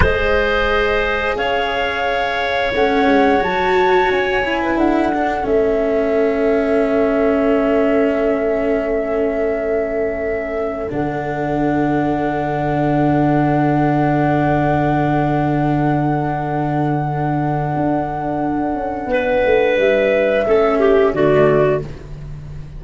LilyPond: <<
  \new Staff \with { instrumentName = "flute" } { \time 4/4 \tempo 4 = 88 dis''2 f''2 | fis''4 a''4 gis''4 fis''4 | e''1~ | e''1 |
fis''1~ | fis''1~ | fis''1~ | fis''4 e''2 d''4 | }
  \new Staff \with { instrumentName = "clarinet" } { \time 4/4 c''2 cis''2~ | cis''2~ cis''8. b'16 a'4~ | a'1~ | a'1~ |
a'1~ | a'1~ | a'1 | b'2 a'8 g'8 fis'4 | }
  \new Staff \with { instrumentName = "cello" } { \time 4/4 gis'1 | cis'4 fis'4. e'4 d'8 | cis'1~ | cis'1 |
d'1~ | d'1~ | d'1~ | d'2 cis'4 a4 | }
  \new Staff \with { instrumentName = "tuba" } { \time 4/4 gis2 cis'2 | a8 gis8 fis4 cis'4 d'4 | a1~ | a1 |
d1~ | d1~ | d2 d'4. cis'8 | b8 a8 g4 a4 d4 | }
>>